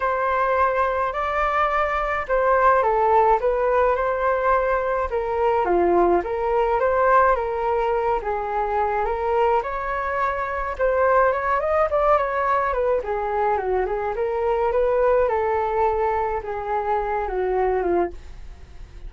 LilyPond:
\new Staff \with { instrumentName = "flute" } { \time 4/4 \tempo 4 = 106 c''2 d''2 | c''4 a'4 b'4 c''4~ | c''4 ais'4 f'4 ais'4 | c''4 ais'4. gis'4. |
ais'4 cis''2 c''4 | cis''8 dis''8 d''8 cis''4 b'8 gis'4 | fis'8 gis'8 ais'4 b'4 a'4~ | a'4 gis'4. fis'4 f'8 | }